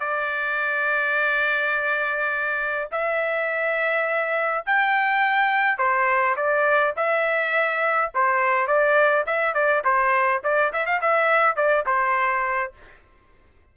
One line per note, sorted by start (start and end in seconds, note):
0.00 2.88 D5
2.92 4.65 E5
4.66 5.78 G5
5.78 6.36 C5
6.36 6.94 D5
6.97 8.12 E5
8.14 8.67 C5
8.67 9.25 D5
9.26 9.54 E5
9.54 9.83 D5
9.84 10.42 C5
10.44 10.73 D5
10.73 10.86 E5
10.86 11.01 F5
11.01 11.56 E5
11.56 11.85 D5
11.86 12.73 C5